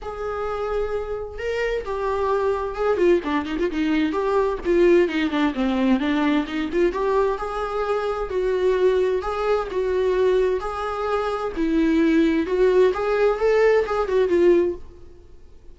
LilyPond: \new Staff \with { instrumentName = "viola" } { \time 4/4 \tempo 4 = 130 gis'2. ais'4 | g'2 gis'8 f'8 d'8 dis'16 f'16 | dis'4 g'4 f'4 dis'8 d'8 | c'4 d'4 dis'8 f'8 g'4 |
gis'2 fis'2 | gis'4 fis'2 gis'4~ | gis'4 e'2 fis'4 | gis'4 a'4 gis'8 fis'8 f'4 | }